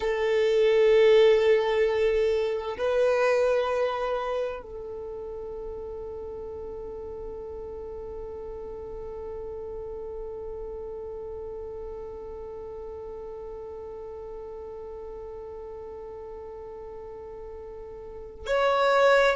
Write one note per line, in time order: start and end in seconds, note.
0.00 2.77 A4
2.77 4.62 B4
4.62 18.46 A4
18.46 19.36 C#5